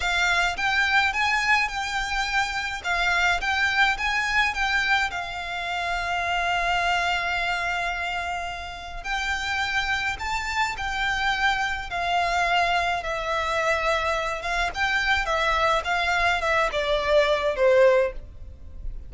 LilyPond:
\new Staff \with { instrumentName = "violin" } { \time 4/4 \tempo 4 = 106 f''4 g''4 gis''4 g''4~ | g''4 f''4 g''4 gis''4 | g''4 f''2.~ | f''1 |
g''2 a''4 g''4~ | g''4 f''2 e''4~ | e''4. f''8 g''4 e''4 | f''4 e''8 d''4. c''4 | }